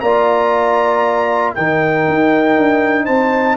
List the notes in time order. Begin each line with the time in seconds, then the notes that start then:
0.00 A#3 F4 D5 A#5
1.54 D#3 D#4 A#4 G5
2.08 D#4
2.57 D4
3.04 C4 C5 A5